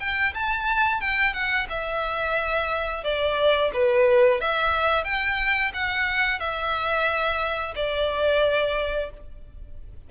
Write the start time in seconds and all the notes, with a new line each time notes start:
0.00 G5
0.34 A5
1.01 G5
1.34 F#5
1.69 E5
3.04 D5
3.73 B4
4.41 E5
5.04 G5
5.74 F#5
6.40 E5
7.75 D5